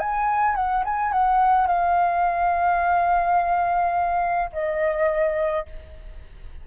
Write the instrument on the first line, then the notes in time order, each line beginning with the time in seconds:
flute
0.00 G#5
0.56 F#5
0.85 G#5
1.13 F#5
1.68 F5
4.53 D#5